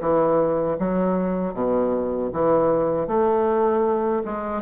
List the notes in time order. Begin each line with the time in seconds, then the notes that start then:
0.00 E3
0.79 F#3
1.53 B2
2.33 E3
3.07 A3
4.25 G#3